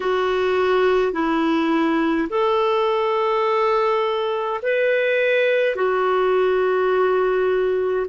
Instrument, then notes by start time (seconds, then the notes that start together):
clarinet
0.00 F#4
1.13 E4
2.29 A4
4.62 B4
5.75 F#4